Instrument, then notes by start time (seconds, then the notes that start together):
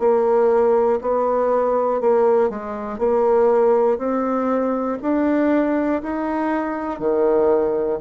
bassoon
0.00 A#3
1.01 B3
2.01 A#3
2.50 G#3
2.98 A#3
3.98 C4
5.02 D4
6.02 D#4
7.00 D#3